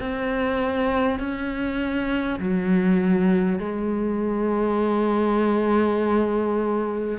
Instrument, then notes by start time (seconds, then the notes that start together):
cello
0.00 C4
1.19 C#4
2.39 F#3
3.59 G#3